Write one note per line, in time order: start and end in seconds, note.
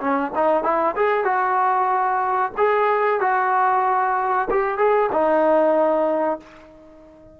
0.00 0.32 C#4
0.35 0.64 D#4
0.64 0.95 E4
0.96 1.24 G#4
1.24 2.52 F#4
2.57 3.21 G#4
3.21 4.49 F#4
4.51 4.78 G4
4.78 5.10 G#4
5.12 6.40 D#4